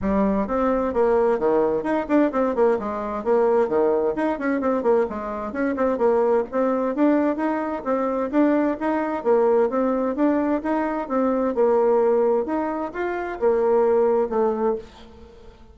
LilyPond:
\new Staff \with { instrumentName = "bassoon" } { \time 4/4 \tempo 4 = 130 g4 c'4 ais4 dis4 | dis'8 d'8 c'8 ais8 gis4 ais4 | dis4 dis'8 cis'8 c'8 ais8 gis4 | cis'8 c'8 ais4 c'4 d'4 |
dis'4 c'4 d'4 dis'4 | ais4 c'4 d'4 dis'4 | c'4 ais2 dis'4 | f'4 ais2 a4 | }